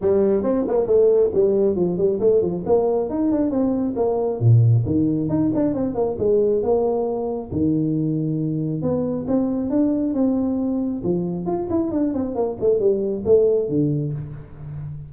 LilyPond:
\new Staff \with { instrumentName = "tuba" } { \time 4/4 \tempo 4 = 136 g4 c'8 ais8 a4 g4 | f8 g8 a8 f8 ais4 dis'8 d'8 | c'4 ais4 ais,4 dis4 | dis'8 d'8 c'8 ais8 gis4 ais4~ |
ais4 dis2. | b4 c'4 d'4 c'4~ | c'4 f4 f'8 e'8 d'8 c'8 | ais8 a8 g4 a4 d4 | }